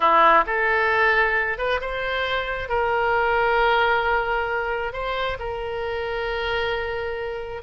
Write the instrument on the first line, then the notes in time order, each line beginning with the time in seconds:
oboe
0.00 E4
0.46 A4
1.58 B4
1.80 C5
2.69 A#4
4.93 C5
5.39 A#4